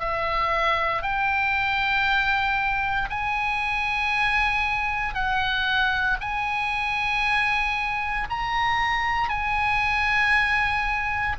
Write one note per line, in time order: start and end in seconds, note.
0.00 1.03 E5
1.03 3.09 G5
3.10 5.14 G#5
5.14 6.18 F#5
6.21 8.28 G#5
8.30 9.30 A#5
9.30 11.37 G#5